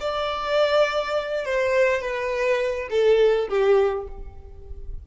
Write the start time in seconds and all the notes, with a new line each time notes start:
0.00 D5
1.46 C5
2.01 B4
2.90 A4
3.49 G4